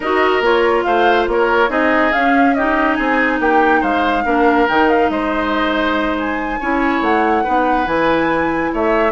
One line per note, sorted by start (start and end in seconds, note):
0.00 0.40 D#4
0.00 0.42 F#4
0.00 0.84 A#4
0.00 0.43 D#5
0.40 0.83 A#3
0.40 1.68 F4
0.40 0.83 C#5
0.83 1.27 A3
0.83 1.29 C5
0.83 1.25 F5
1.27 1.69 A#3
1.27 1.70 A#4
1.27 1.70 C#5
1.68 2.11 C4
1.68 2.11 D#4
1.68 2.55 G#4
1.68 2.12 D#5
2.12 2.56 C#4
2.12 2.98 C#4
2.12 2.54 F5
2.54 4.25 D#4
2.54 2.97 G4
2.54 2.94 D#5
2.94 3.39 C4
2.94 3.40 G#4
2.94 3.37 G#5
3.39 3.82 A#3
3.39 3.80 G4
3.39 3.82 G5
3.80 4.24 G#3
3.80 4.23 C5
3.80 4.67 F5
4.24 4.67 A#3
4.24 4.68 D4
4.24 5.10 A#4
4.68 5.09 D#3
4.68 6.59 D#4
4.68 4.89 G5
4.89 5.10 F5
5.09 6.58 G#3
5.09 6.60 C5
5.09 6.16 D#5
6.19 7.02 G#5
6.60 7.01 C#4
6.60 7.45 E4
6.60 7.43 C#5
7.01 7.43 A3
7.01 7.87 F#5
7.43 7.86 B3
7.43 7.85 D#4
7.43 8.71 B4
7.85 8.71 E3
7.85 9.12 E4
7.85 8.72 G#5
8.73 9.12 A3
8.73 9.12 C#5
8.73 9.12 E5